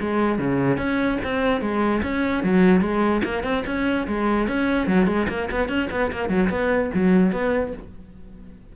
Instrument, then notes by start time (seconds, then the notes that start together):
cello
0.00 G#3
0.39 C#3
0.77 C#4
1.24 C4
1.61 G#3
2.02 C#4
2.43 F#3
2.81 G#3
3.24 A#3
3.43 C4
3.66 C#4
4.07 G#3
4.48 C#4
4.87 F#3
5.06 G#3
5.29 A#3
5.51 B3
5.68 C#4
5.91 B3
6.12 A#3
6.29 F#3
6.50 B3
6.94 F#3
7.32 B3